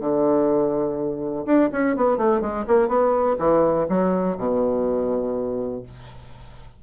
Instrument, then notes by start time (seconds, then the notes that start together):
bassoon
0.00 D3
1.46 D4
1.72 C#4
1.96 B3
2.17 A3
2.41 G#3
2.67 A#3
2.88 B3
3.38 E3
3.89 F#3
4.37 B2